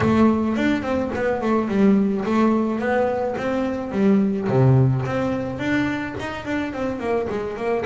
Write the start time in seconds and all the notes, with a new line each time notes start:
0.00 A3
0.56 D4
0.82 C4
1.15 B3
1.41 A3
1.68 G3
2.25 A3
2.79 B3
3.37 C4
3.91 G3
4.48 C3
5.05 C4
5.58 D4
6.19 D#4
6.45 D4
6.73 C4
6.99 A#3
7.29 G#3
7.56 A#3